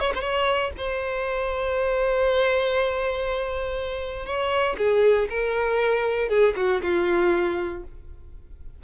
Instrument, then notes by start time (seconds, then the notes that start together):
violin
0.00 C#5
0.15 C5 C#5
0.77 C5
4.26 C#5
4.78 G#4
5.30 A#4
6.29 G#4
6.56 F#4
6.83 F4